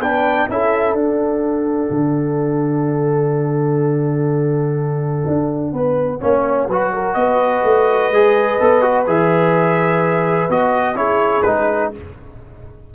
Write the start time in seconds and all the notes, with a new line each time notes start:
0.00 B3 D4 B4 G5
0.49 C#4 E4 A4 E5
0.94 D4 F#5
1.90 D3
5.27 D4
5.73 B3 B4
6.21 A#3 C#4 C#5
6.68 F#3 F#4 B4
6.93 A#4
7.14 B3 B4 D#5
7.64 A3
8.11 G#3 G#4
8.60 B3 A4
8.82 F#4
9.07 E3 G#4 E5
10.50 B3 F#4 D#5
10.95 C#4 E4 G#4 C#5
11.42 G#3 D#4 B4